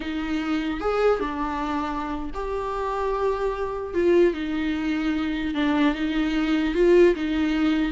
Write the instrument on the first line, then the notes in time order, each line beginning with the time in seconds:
viola
0.00 D#4
0.80 G#4
1.20 D4
2.34 G4
3.94 F4
4.33 D#4
5.54 D4
5.94 D#4
6.74 F4
7.15 D#4